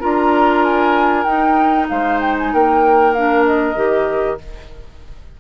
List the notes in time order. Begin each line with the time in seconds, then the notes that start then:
0.00 D4 F4 A#4 A#5
0.64 G#5
1.24 D#4 G5
1.89 G#3 C5 F5
2.20 G5
2.39 G#5
2.53 A#3 A#4 G5
3.14 D4 F5
3.46 D#5
3.75 D#3 G4